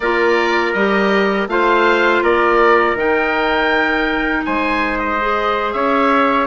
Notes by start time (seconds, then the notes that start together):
0.00 A#3 F4 A#4 D5
0.73 G3 G4 D#5
1.47 A3 F4 C5 F5
2.23 A#3 A#4 D5
2.94 D#3 D#4 G5
4.45 G#3 C5 G#5
4.98 D#5
5.20 G#4
5.73 C#4 C#5 E5